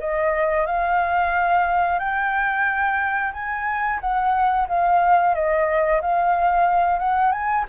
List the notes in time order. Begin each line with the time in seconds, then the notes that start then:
0.00 D#5
0.67 F5
1.99 G5
3.33 G#5
4.01 F#5
4.69 F5
5.35 D#5
6.02 F5
6.99 F#5
7.32 G#5